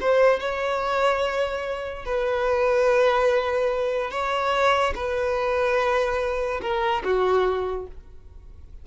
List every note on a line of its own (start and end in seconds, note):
0.00 0.39 C5
0.39 2.05 C#5
2.05 4.10 B4
4.10 4.93 C#5
4.95 6.60 B4
6.61 7.03 A#4
7.03 7.86 F#4